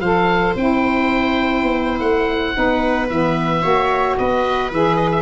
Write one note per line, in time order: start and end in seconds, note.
0.00 0.54 F3
0.00 0.57 A4
0.00 2.55 C5
0.00 0.54 F5
0.56 1.63 C4
0.56 2.54 E4
0.56 2.00 G5
1.63 2.00 B3
2.00 2.54 A3
2.00 3.07 F#5
2.54 3.10 B3
2.54 3.08 D#4
2.54 3.62 B4
3.10 3.64 E3
3.10 3.62 B3
3.10 4.17 E5
3.62 4.18 A#3
3.62 4.69 F#4
3.62 4.16 C#5
4.17 4.71 B3
4.17 5.22 B4
4.17 4.71 D#5
4.71 5.22 E3
4.71 5.22 G#4
4.71 4.96 E5
4.96 5.10 D#5
5.12 5.22 E5